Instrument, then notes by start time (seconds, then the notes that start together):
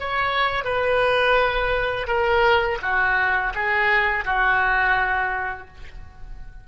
oboe
0.00 C#5
0.65 B4
2.07 A#4
2.82 F#4
3.55 G#4
4.25 F#4